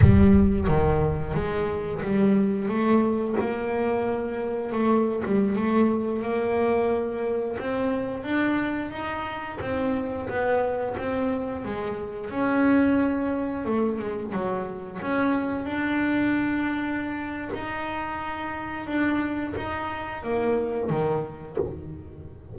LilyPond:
\new Staff \with { instrumentName = "double bass" } { \time 4/4 \tempo 4 = 89 g4 dis4 gis4 g4 | a4 ais2 a8. g16~ | g16 a4 ais2 c'8.~ | c'16 d'4 dis'4 c'4 b8.~ |
b16 c'4 gis4 cis'4.~ cis'16~ | cis'16 a8 gis8 fis4 cis'4 d'8.~ | d'2 dis'2 | d'4 dis'4 ais4 dis4 | }